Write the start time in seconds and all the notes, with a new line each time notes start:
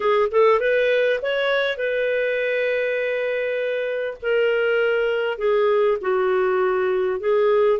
0.00 G#4
0.31 A4
0.60 B4
1.22 C#5
1.77 B4
4.22 A#4
5.38 G#4
6.01 F#4
7.20 G#4